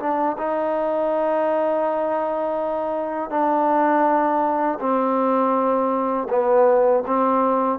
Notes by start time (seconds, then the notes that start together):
0.00 D4
0.38 D#4
3.31 D4
4.80 C4
6.30 B3
7.07 C4